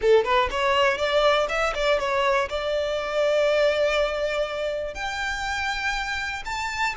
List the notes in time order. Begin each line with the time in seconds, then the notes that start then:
0.01 A4
0.24 B4
0.50 C#5
0.97 D5
1.48 E5
1.74 D5
1.99 C#5
2.49 D5
4.94 G5
6.45 A5